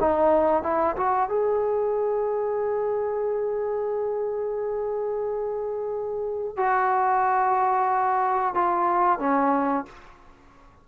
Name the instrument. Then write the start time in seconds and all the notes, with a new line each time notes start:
trombone
0.00 D#4
0.63 E4
0.96 F#4
1.29 G#4
6.57 F#4
8.54 F4
9.19 C#4